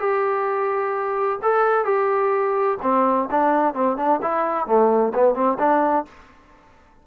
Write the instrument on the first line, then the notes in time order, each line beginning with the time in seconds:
trombone
0.00 G4
1.43 A4
1.85 G4
2.83 C4
3.32 D4
3.74 C4
3.97 D4
4.22 E4
4.67 A3
5.15 B3
5.35 C4
5.59 D4